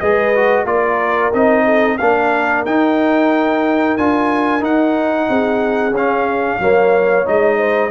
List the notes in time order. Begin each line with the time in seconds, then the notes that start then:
0.00 G#3 G#4 B4 D#5
0.36 F#4
0.64 A#3 F4 A#4 D5
1.33 C4 D#4 D#5
1.65 A4
1.98 A#3 D4 A#4 F5
2.65 D#4 G5
3.97 D4 F4 G#5
4.60 D#4 F#5
5.29 C4 G#4
5.91 C#4 F5
6.59 F#3 A#3 C#5
7.25 G#3 D#4 D#5
7.58 C5